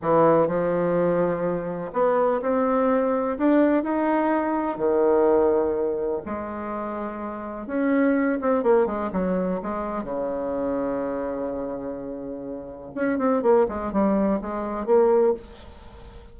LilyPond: \new Staff \with { instrumentName = "bassoon" } { \time 4/4 \tempo 4 = 125 e4 f2. | b4 c'2 d'4 | dis'2 dis2~ | dis4 gis2. |
cis'4. c'8 ais8 gis8 fis4 | gis4 cis2.~ | cis2. cis'8 c'8 | ais8 gis8 g4 gis4 ais4 | }